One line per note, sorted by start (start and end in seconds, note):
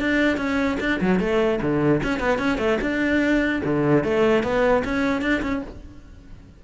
0.00 0.37 D4
0.37 0.77 C#4
0.80 1.00 D4
1.01 1.20 F#3
1.20 1.60 A3
1.62 2.02 D3
2.03 2.20 C#4
2.20 2.38 B3
2.38 2.58 C#4
2.58 2.78 A3
2.81 3.62 D4
3.65 4.04 D3
4.04 4.43 A3
4.43 4.83 B3
4.84 5.22 C#4
5.22 5.42 D4
5.42 5.62 C#4